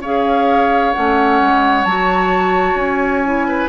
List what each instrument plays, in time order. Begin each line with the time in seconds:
0.00 bassoon C#4, clarinet G#4, oboe C#5, flute F5
0.93 bassoon A3, clarinet C#4, flute F#5
1.41 bassoon G#3
1.85 bassoon F#3, clarinet F#4, flute A5
2.75 bassoon C#4, flute G#5
3.25 clarinet E4
3.48 oboe B4